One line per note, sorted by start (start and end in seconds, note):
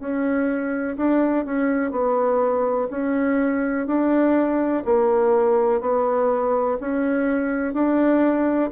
0.00 0.97 C#4
0.97 1.45 D4
1.46 1.91 C#4
1.91 2.88 B3
2.91 3.87 C#4
3.87 4.84 D4
4.85 5.81 A#3
5.81 6.77 B3
6.80 7.74 C#4
7.74 8.71 D4